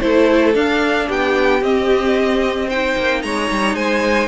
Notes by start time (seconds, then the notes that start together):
0.00 A3 E4 A4 C5
0.54 D4 F5
1.07 B3 G4 G5
1.62 C4 D#5
2.67 D#4 C5 G5
2.97 A#3
3.22 G#3 C#5 A#5
3.50 G3
3.74 G#3 C5 G#5